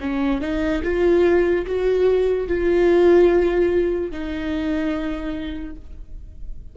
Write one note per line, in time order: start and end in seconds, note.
0.00 0.41 C#4
0.41 0.82 D#4
0.83 1.65 F4
1.66 2.47 F#4
2.47 4.11 F4
4.11 5.76 D#4